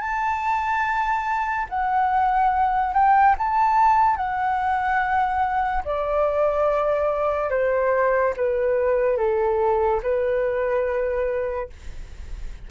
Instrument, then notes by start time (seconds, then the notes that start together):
flute
0.00 A5
1.69 F#5
2.94 G5
3.37 A5
4.16 F#5
5.85 D5
7.50 C5
8.36 B4
9.17 A4
10.03 B4